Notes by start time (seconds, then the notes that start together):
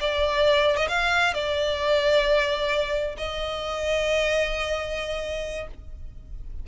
0.00 D5
0.76 D#5
0.88 F5
1.34 D5
3.17 D#5